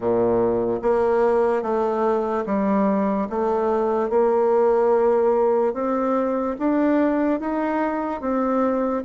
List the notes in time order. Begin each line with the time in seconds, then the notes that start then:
0.00 A#2
0.81 A#3
1.62 A3
2.45 G3
3.29 A3
4.09 A#3
5.73 C4
6.58 D4
7.40 D#4
8.20 C4